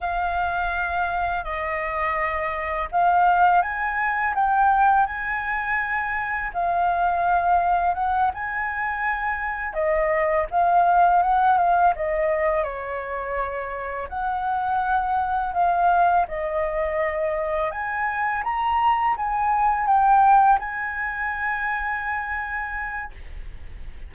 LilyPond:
\new Staff \with { instrumentName = "flute" } { \time 4/4 \tempo 4 = 83 f''2 dis''2 | f''4 gis''4 g''4 gis''4~ | gis''4 f''2 fis''8 gis''8~ | gis''4. dis''4 f''4 fis''8 |
f''8 dis''4 cis''2 fis''8~ | fis''4. f''4 dis''4.~ | dis''8 gis''4 ais''4 gis''4 g''8~ | g''8 gis''2.~ gis''8 | }